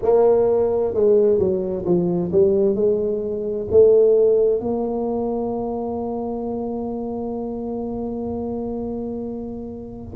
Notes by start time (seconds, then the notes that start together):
0.02 A#3
0.94 G#3
1.38 F#3
1.85 F3
2.32 G3
2.75 G#3
3.70 A3
4.60 A#3